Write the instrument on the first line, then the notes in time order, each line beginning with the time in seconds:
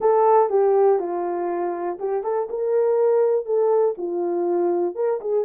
horn
0.00 A4
0.49 G4
0.99 F4
1.99 G4
2.23 A4
2.49 A#4
3.45 A4
3.97 F4
4.95 A#4
5.21 G#4